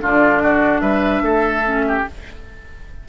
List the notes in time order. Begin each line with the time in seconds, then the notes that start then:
0.00 D3 D4 F4 D5
0.42 F#4
0.80 G3 B4 E5
1.22 A3 A4
1.64 C#4
1.88 G4